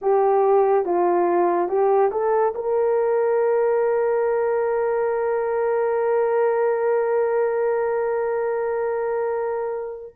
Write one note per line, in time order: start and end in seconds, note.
0.01 0.85 G4
0.85 1.68 F4
1.68 2.10 G4
2.11 2.54 A4
2.54 10.15 A#4